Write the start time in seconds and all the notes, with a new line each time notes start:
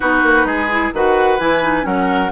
0.00 B3 D#4 F#4 B4
0.22 A#3
0.44 G#3 G#4
0.70 E4
0.93 D#3 F#4 B4 F#5
1.38 E3 E4 G#5
1.63 D#4
1.82 F#3 C#4 A#4 F#5